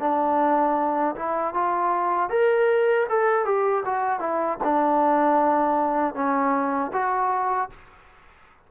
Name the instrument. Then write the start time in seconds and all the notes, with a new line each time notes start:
trombone
0.00 D4
1.16 E4
1.55 F4
2.30 A#4
3.09 A4
3.45 G4
3.86 F#4
4.20 E4
4.64 D4
6.15 C#4
6.93 F#4